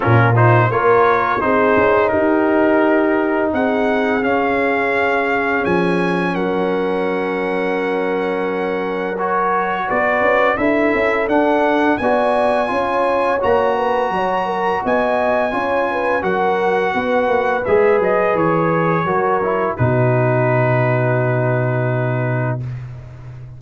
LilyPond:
<<
  \new Staff \with { instrumentName = "trumpet" } { \time 4/4 \tempo 4 = 85 ais'8 c''8 cis''4 c''4 ais'4~ | ais'4 fis''4 f''2 | gis''4 fis''2.~ | fis''4 cis''4 d''4 e''4 |
fis''4 gis''2 ais''4~ | ais''4 gis''2 fis''4~ | fis''4 e''8 dis''8 cis''2 | b'1 | }
  \new Staff \with { instrumentName = "horn" } { \time 4/4 f'4 ais'4 gis'4 g'4~ | g'4 gis'2.~ | gis'4 ais'2.~ | ais'2 b'4 a'4~ |
a'4 d''4 cis''4. b'8 | cis''8 ais'8 dis''4 cis''8 b'8 ais'4 | b'2. ais'4 | fis'1 | }
  \new Staff \with { instrumentName = "trombone" } { \time 4/4 cis'8 dis'8 f'4 dis'2~ | dis'2 cis'2~ | cis'1~ | cis'4 fis'2 e'4 |
d'4 fis'4 f'4 fis'4~ | fis'2 f'4 fis'4~ | fis'4 gis'2 fis'8 e'8 | dis'1 | }
  \new Staff \with { instrumentName = "tuba" } { \time 4/4 ais,4 ais4 c'8 cis'8 dis'4~ | dis'4 c'4 cis'2 | f4 fis2.~ | fis2 b8 cis'8 d'8 cis'8 |
d'4 b4 cis'4 ais4 | fis4 b4 cis'4 fis4 | b8 ais8 gis8 fis8 e4 fis4 | b,1 | }
>>